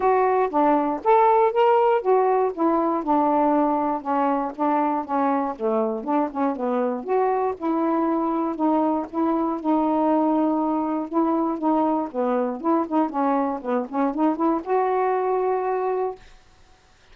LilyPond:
\new Staff \with { instrumentName = "saxophone" } { \time 4/4 \tempo 4 = 119 fis'4 d'4 a'4 ais'4 | fis'4 e'4 d'2 | cis'4 d'4 cis'4 a4 | d'8 cis'8 b4 fis'4 e'4~ |
e'4 dis'4 e'4 dis'4~ | dis'2 e'4 dis'4 | b4 e'8 dis'8 cis'4 b8 cis'8 | dis'8 e'8 fis'2. | }